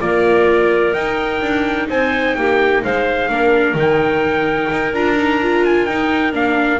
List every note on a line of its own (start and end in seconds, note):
0.00 0.94 A#3
0.00 0.94 F4
0.00 1.90 A#4
0.00 0.94 D5
0.94 1.40 D#4
0.94 3.29 D#4
0.94 1.87 G5
1.42 1.88 D4
1.89 2.36 C4
1.89 2.36 C5
1.89 2.35 G#5
2.35 2.83 A#3
2.35 2.83 G4
2.35 2.82 G5
2.83 3.29 G#3
2.83 3.30 C5
2.83 3.78 F5
3.29 3.74 A#3
3.29 3.76 D4
3.29 6.79 A#4
3.74 4.68 D#3
3.74 4.93 D#4
3.74 4.94 G5
4.71 4.93 D#4
4.93 5.87 D4
4.93 5.17 F4
4.93 5.65 A#5
5.17 5.41 D#4
5.42 5.89 F4
5.65 5.86 G#5
5.86 6.33 D#4
5.86 6.33 G5
6.33 6.79 A#3
6.33 6.79 D4
6.33 6.79 F5